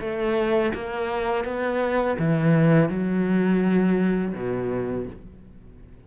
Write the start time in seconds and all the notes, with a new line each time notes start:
0.00 A3
0.74 A#3
1.45 B3
2.19 E3
2.89 F#3
4.34 B2